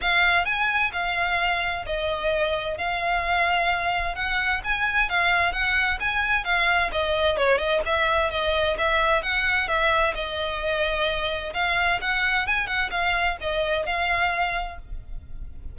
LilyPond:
\new Staff \with { instrumentName = "violin" } { \time 4/4 \tempo 4 = 130 f''4 gis''4 f''2 | dis''2 f''2~ | f''4 fis''4 gis''4 f''4 | fis''4 gis''4 f''4 dis''4 |
cis''8 dis''8 e''4 dis''4 e''4 | fis''4 e''4 dis''2~ | dis''4 f''4 fis''4 gis''8 fis''8 | f''4 dis''4 f''2 | }